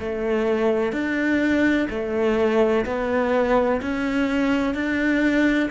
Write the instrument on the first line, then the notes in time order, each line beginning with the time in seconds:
cello
0.00 A3
0.93 D4
1.90 A3
2.86 B3
3.82 C#4
4.75 D4